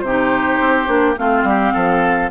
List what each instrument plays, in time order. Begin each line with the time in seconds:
0.00 bassoon C3, clarinet D#4, flute C5
0.06 oboe G4
0.60 bassoon C4
0.86 bassoon A#3, clarinet D4
1.17 bassoon A3, clarinet C4, oboe F4, flute F5
1.43 bassoon G3, oboe G4
1.73 bassoon F3, oboe A4